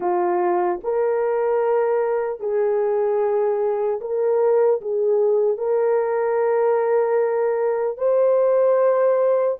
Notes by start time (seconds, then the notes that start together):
0.00 F4
0.83 A#4
2.40 G#4
4.00 A#4
4.81 G#4
5.57 A#4
7.97 C5